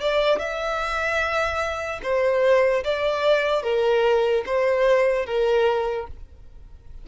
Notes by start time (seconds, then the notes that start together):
0.00 D5
0.38 E5
2.02 C5
2.83 D5
3.62 A#4
4.46 C5
5.26 A#4